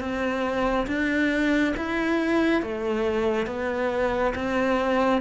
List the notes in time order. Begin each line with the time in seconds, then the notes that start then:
0.00 C4
0.88 D4
1.77 E4
2.62 A3
3.47 B3
4.35 C4